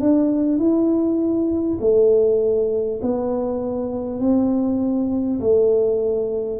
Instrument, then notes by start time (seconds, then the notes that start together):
tuba
0.00 D4
0.58 E4
1.81 A3
3.02 B3
4.20 C4
5.40 A3